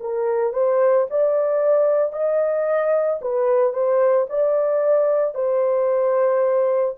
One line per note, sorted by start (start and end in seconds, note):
0.00 0.53 A#4
0.53 1.07 C5
1.10 2.12 D5
2.12 3.19 D#5
3.21 3.73 B4
3.73 4.26 C5
4.29 5.34 D5
5.34 6.95 C5